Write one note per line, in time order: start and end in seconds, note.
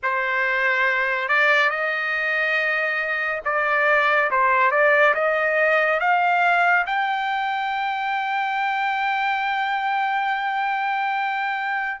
0.02 1.28 C5
1.28 1.69 D5
1.69 3.41 D#5
3.44 4.30 D5
4.31 4.71 C5
4.71 5.14 D5
5.14 6.00 D#5
6.00 6.85 F5
6.86 12.00 G5